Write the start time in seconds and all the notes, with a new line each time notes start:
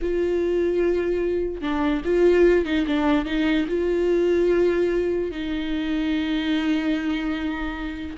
0.01 F4
1.61 D4
2.05 F4
2.65 D#4
2.86 D4
3.25 D#4
3.68 F4
5.31 D#4